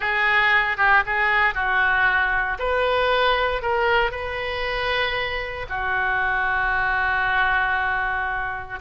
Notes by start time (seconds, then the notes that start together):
0.00 G#4
0.77 G4
1.06 G#4
1.54 F#4
2.59 B4
3.61 A#4
4.11 B4
5.69 F#4